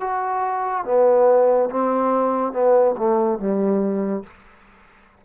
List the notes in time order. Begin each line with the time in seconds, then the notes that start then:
0.00 F#4
0.85 B3
1.69 C4
2.52 B3
2.97 A3
3.39 G3